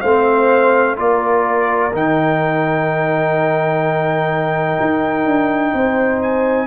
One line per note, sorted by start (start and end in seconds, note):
0.00 0.98 A3
0.00 0.96 C4
0.00 0.96 C5
0.00 0.95 F5
0.96 1.93 A#3
0.96 1.91 F4
0.96 5.73 A#4
0.96 1.94 D5
1.93 4.79 D#3
1.93 6.67 D#4
1.93 6.22 G5
4.80 5.25 D#4
5.25 5.73 D4
5.73 6.67 C4
5.73 6.67 C5
6.22 6.67 G#5